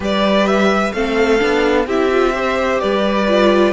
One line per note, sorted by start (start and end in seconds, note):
0.00 0.92 G3
0.00 0.94 G4
0.00 0.94 B4
0.00 0.46 D5
0.46 0.92 E5
0.92 1.40 A3
0.92 1.39 C4
0.92 1.86 A4
0.92 1.86 F5
1.39 1.86 B3
1.39 1.86 D4
1.86 2.80 C4
1.86 2.10 E4
1.86 2.33 G4
1.86 2.79 E5
2.10 2.33 F4
2.33 3.27 G4
2.33 2.81 C5
2.79 3.73 G3
2.79 3.73 B4
2.79 3.73 D5
3.28 3.73 F4